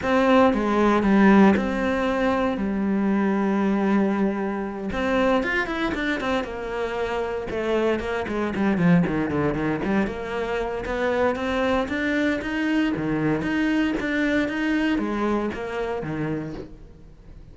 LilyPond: \new Staff \with { instrumentName = "cello" } { \time 4/4 \tempo 4 = 116 c'4 gis4 g4 c'4~ | c'4 g2.~ | g4. c'4 f'8 e'8 d'8 | c'8 ais2 a4 ais8 |
gis8 g8 f8 dis8 d8 dis8 g8 ais8~ | ais4 b4 c'4 d'4 | dis'4 dis4 dis'4 d'4 | dis'4 gis4 ais4 dis4 | }